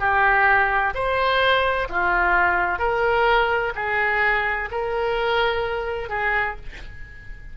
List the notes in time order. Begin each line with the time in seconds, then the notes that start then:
0.00 G4
0.95 C5
1.89 F4
2.79 A#4
3.75 G#4
4.71 A#4
6.09 G#4